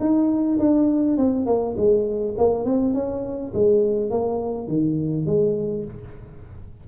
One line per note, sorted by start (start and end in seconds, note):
0.00 0.58 D#4
0.59 1.17 D4
1.17 1.46 C4
1.46 1.75 A#3
1.77 2.35 G#3
2.38 2.65 A#3
2.65 2.94 C4
2.94 3.52 C#4
3.54 4.10 G#3
4.10 4.68 A#3
4.68 5.26 D#3
5.26 5.84 G#3